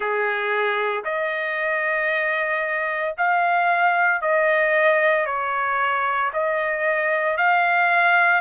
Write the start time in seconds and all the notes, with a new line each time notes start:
0.00 G#4
1.04 D#5
3.17 F5
4.21 D#5
5.25 C#5
6.33 D#5
7.37 F5